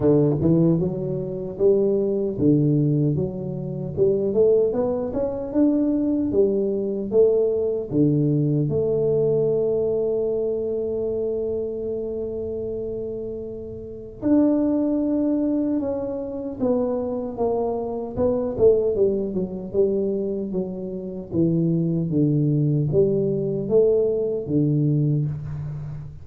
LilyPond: \new Staff \with { instrumentName = "tuba" } { \time 4/4 \tempo 4 = 76 d8 e8 fis4 g4 d4 | fis4 g8 a8 b8 cis'8 d'4 | g4 a4 d4 a4~ | a1~ |
a2 d'2 | cis'4 b4 ais4 b8 a8 | g8 fis8 g4 fis4 e4 | d4 g4 a4 d4 | }